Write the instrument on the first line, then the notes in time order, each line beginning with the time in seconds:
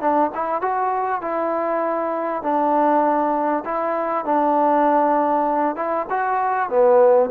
trombone
0.00 D4
0.34 E4
0.61 F#4
1.21 E4
2.42 D4
3.64 E4
4.25 D4
5.75 E4
6.10 F#4
6.69 B3